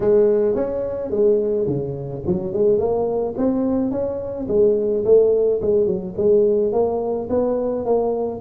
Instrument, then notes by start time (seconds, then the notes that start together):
tuba
0.00 G#3
0.55 C#4
1.10 G#3
1.66 C#3
2.26 F#3
2.53 G#3
2.78 A#3
3.37 C4
3.91 C#4
4.48 G#3
5.04 A3
5.61 G#3
5.86 F#3
6.17 G#3
6.72 A#3
7.29 B3
7.85 A#3